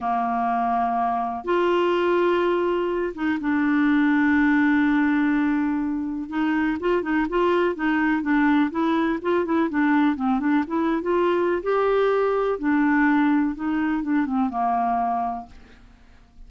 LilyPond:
\new Staff \with { instrumentName = "clarinet" } { \time 4/4 \tempo 4 = 124 ais2. f'4~ | f'2~ f'8 dis'8 d'4~ | d'1~ | d'4 dis'4 f'8 dis'8 f'4 |
dis'4 d'4 e'4 f'8 e'8 | d'4 c'8 d'8 e'8. f'4~ f'16 | g'2 d'2 | dis'4 d'8 c'8 ais2 | }